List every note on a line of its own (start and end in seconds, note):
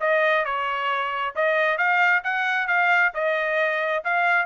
0.00 0.45 D#5
0.45 1.34 C#5
1.35 1.77 D#5
1.77 2.22 F5
2.24 2.67 F#5
2.67 3.12 F5
3.14 4.04 D#5
4.04 4.46 F5